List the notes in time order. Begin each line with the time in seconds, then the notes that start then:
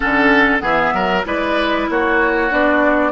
0.00 D3 C#4 A4 F#5
0.60 E3 B3 G#4 E5
0.93 F#3 A#4
1.25 G#3 E4 B4 D5
1.89 A#3 F#4 C#5
2.50 B3 D4 D5